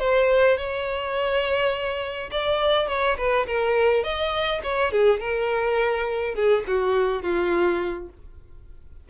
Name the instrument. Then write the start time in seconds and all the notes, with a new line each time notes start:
violin
0.00 C5
0.57 C#5
2.32 D5
2.88 C#5
3.18 B4
3.47 A#4
4.04 D#5
4.63 C#5
4.92 G#4
5.20 A#4
6.35 G#4
6.67 F#4
7.22 F4